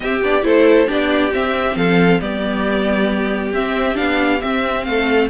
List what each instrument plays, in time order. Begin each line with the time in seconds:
0.00 cello C4, viola C4, violin G4 E5
0.21 cello B3, viola D4, violin D5
0.42 cello A3, viola E4, violin A4 C5
0.86 cello B3, viola D4, violin G4 D5
1.31 viola C4, cello C4, violin E5
1.75 cello F3, violin A4 F5
2.20 cello G3, viola B3, violin G4 D5
3.52 cello C4, viola C4, violin E5
3.94 cello B3, viola D4, violin F5
4.41 viola C4, cello C4, violin E5
4.84 cello A3, violin A4 F5